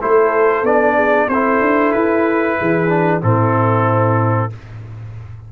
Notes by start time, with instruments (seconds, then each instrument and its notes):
0.00 tuba A3, trombone E4, horn A4, trumpet C5
0.62 tuba B3, trombone D4, trumpet D5
0.95 horn G#4
1.28 tuba C4, trombone E4, horn A4, trumpet C5
1.60 tuba D4
1.92 tuba E4, trumpet B4
2.58 tuba E3, horn G#4
2.88 trombone D4
3.21 tuba A2, trombone C4, horn E4, trumpet A4